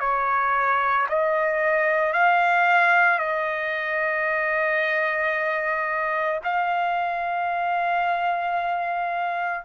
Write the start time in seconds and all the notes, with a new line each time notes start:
0.00 C#5
1.09 D#5
2.13 F5
3.19 D#5
6.44 F5